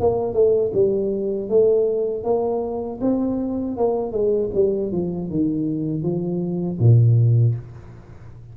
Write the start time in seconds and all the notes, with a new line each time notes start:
0.00 A#3
0.34 A3
0.74 G3
1.49 A3
2.24 A#3
3.01 C4
3.77 A#3
4.12 G#3
4.54 G3
4.92 F3
5.30 D#3
6.03 F3
6.79 A#2